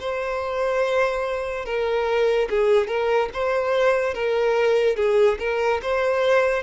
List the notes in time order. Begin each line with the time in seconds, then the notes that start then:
0.00 C5
1.65 A#4
2.50 G#4
2.87 A#4
3.33 C5
4.14 A#4
4.96 G#4
5.39 A#4
5.82 C5